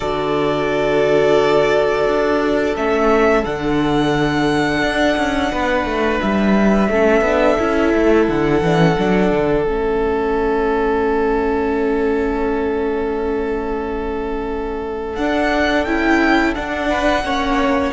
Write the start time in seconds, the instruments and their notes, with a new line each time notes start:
0.00 cello D3, viola F#4, violin A4 D5
2.06 cello D4
2.76 cello A3, viola C#4, violin E5
3.44 cello D3, viola D4, violin F#5
4.82 cello D4
5.17 cello C#4
5.51 cello B3, violin B4
5.84 cello A3
6.21 cello G3, violin E5
6.88 cello A3, viola C#4, violin A4
7.21 cello B3, viola D4
7.58 cello C#4, viola E4
7.93 cello A3
8.28 cello D3, violin F#5
8.61 cello E3, viola D4
8.78 viola C#4
8.98 cello F#3, viola D4
9.31 cello D3
9.66 cello A3, viola C#4, violin E5
15.15 cello D4, viola D4, violin F#5
15.84 cello C#4, viola E4, violin G5
16.55 viola D4, cello D4, violin F#5
16.88 violin B4
17.23 cello A#3, viola C#4, violin C#5